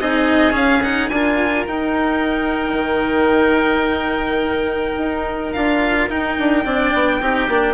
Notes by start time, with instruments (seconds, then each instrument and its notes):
0.00 bassoon C4, cello D#4, oboe G#4, violin D#5
0.52 cello C#4, bassoon C#4, violin F5
0.83 cello D#4, violin F#5
1.09 bassoon D4, cello F4, oboe A#4, violin G#5
1.68 bassoon D#4, cello D#4, violin G5
2.73 bassoon D#3
4.98 bassoon D#4
5.53 bassoon D4, cello F4, violin F5
6.10 bassoon D#4, cello D#4, violin G5
6.39 bassoon D4
6.65 bassoon C4, cello D4, oboe D5
6.94 bassoon B3
7.21 bassoon C4, cello D#4, oboe G4
7.48 bassoon A#3, cello D4